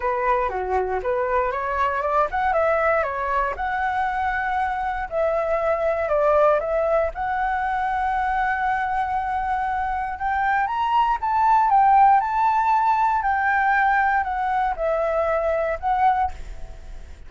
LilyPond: \new Staff \with { instrumentName = "flute" } { \time 4/4 \tempo 4 = 118 b'4 fis'4 b'4 cis''4 | d''8 fis''8 e''4 cis''4 fis''4~ | fis''2 e''2 | d''4 e''4 fis''2~ |
fis''1 | g''4 ais''4 a''4 g''4 | a''2 g''2 | fis''4 e''2 fis''4 | }